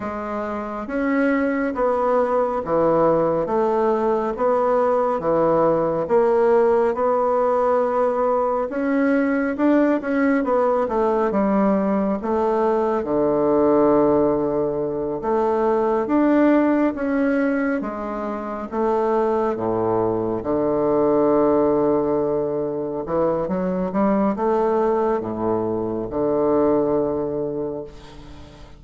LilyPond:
\new Staff \with { instrumentName = "bassoon" } { \time 4/4 \tempo 4 = 69 gis4 cis'4 b4 e4 | a4 b4 e4 ais4 | b2 cis'4 d'8 cis'8 | b8 a8 g4 a4 d4~ |
d4. a4 d'4 cis'8~ | cis'8 gis4 a4 a,4 d8~ | d2~ d8 e8 fis8 g8 | a4 a,4 d2 | }